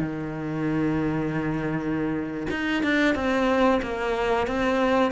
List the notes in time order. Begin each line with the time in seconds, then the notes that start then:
0.00 D#3
2.51 D#4
2.83 D4
3.15 C4
3.82 A#3
4.47 C4